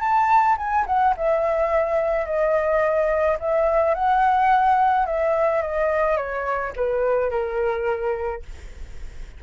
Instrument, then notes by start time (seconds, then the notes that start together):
flute
0.00 A5
0.57 G#5
0.86 F#5
1.17 E5
2.26 D#5
3.40 E5
3.95 F#5
5.06 E5
5.62 D#5
6.17 C#5
6.76 B4
7.30 A#4